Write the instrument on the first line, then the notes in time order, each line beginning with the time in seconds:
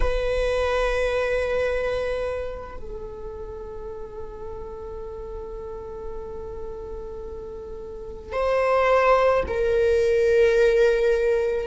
viola
0.00 B4
2.77 A4
8.32 C5
9.47 A#4